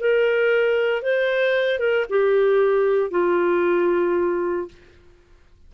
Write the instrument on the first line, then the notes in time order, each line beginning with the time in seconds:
clarinet
0.00 A#4
1.02 C5
1.79 A#4
2.10 G4
3.11 F4